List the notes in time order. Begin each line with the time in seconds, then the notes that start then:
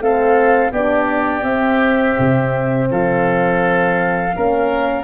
0.00 A3 C4 A4 F5
0.72 B3 D4 G4 D5
1.43 C4 E5
2.19 C3
2.91 F3 A4 F5
4.33 A#3 C#4 A#4